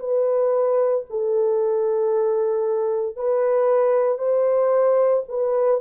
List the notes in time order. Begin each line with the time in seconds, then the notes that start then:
0.00 B4
1.10 A4
3.16 B4
4.18 C5
5.29 B4